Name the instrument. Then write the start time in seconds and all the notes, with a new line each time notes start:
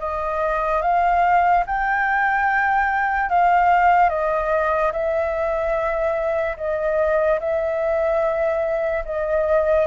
flute
0.00 D#5
0.82 F5
1.67 G5
3.30 F5
4.10 D#5
4.92 E5
6.58 D#5
7.40 E5
9.05 D#5